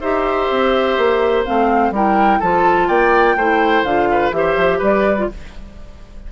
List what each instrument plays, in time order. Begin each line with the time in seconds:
0.00 bassoon D#4, clarinet G4, oboe C5, flute E5
0.50 bassoon C4
0.97 bassoon A#3
1.44 bassoon A3, clarinet C4, flute F5
1.90 bassoon G3, clarinet E4, oboe A#4, flute G5
2.39 bassoon F3, clarinet F4, oboe A4, flute A5
2.88 bassoon A#3, oboe D5, flute G5
3.35 bassoon A3, clarinet E4, oboe C5
3.83 bassoon D3, clarinet F4, flute F5
4.11 oboe B4
4.31 bassoon E3, clarinet G4, oboe C5, flute E5
4.56 bassoon F3
4.78 bassoon G3, oboe B4, flute D5
5.17 clarinet F4